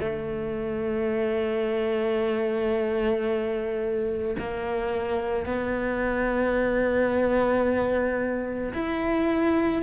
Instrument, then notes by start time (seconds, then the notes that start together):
cello
0.00 A3
4.38 A#3
5.45 B3
8.73 E4